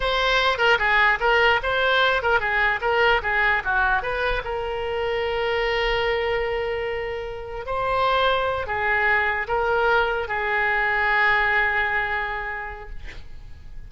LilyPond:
\new Staff \with { instrumentName = "oboe" } { \time 4/4 \tempo 4 = 149 c''4. ais'8 gis'4 ais'4 | c''4. ais'8 gis'4 ais'4 | gis'4 fis'4 b'4 ais'4~ | ais'1~ |
ais'2. c''4~ | c''4. gis'2 ais'8~ | ais'4. gis'2~ gis'8~ | gis'1 | }